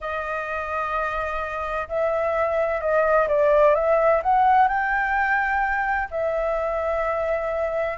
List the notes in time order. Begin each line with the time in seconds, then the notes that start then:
0.00 D#5
1.88 E5
2.80 D#5
3.27 D5
3.74 E5
4.22 F#5
4.68 G5
6.10 E5